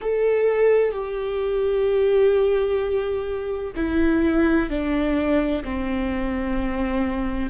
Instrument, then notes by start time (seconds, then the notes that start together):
viola
0.01 A4
0.91 G4
3.75 E4
4.69 D4
5.63 C4